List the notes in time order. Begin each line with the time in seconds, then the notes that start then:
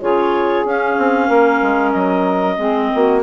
0.00 C#3 F4 G#4 C#5
0.65 C#4 F5
0.98 C4
1.27 A#3 A#4
1.62 G#3
1.92 F#3 D#5
2.58 G#3 C4 G#4
2.95 A#3 F#4